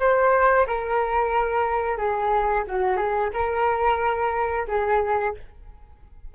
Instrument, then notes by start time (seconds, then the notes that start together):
flute
0.00 C5
0.68 A#4
1.98 G#4
2.68 F#4
2.97 G#4
3.34 A#4
4.68 G#4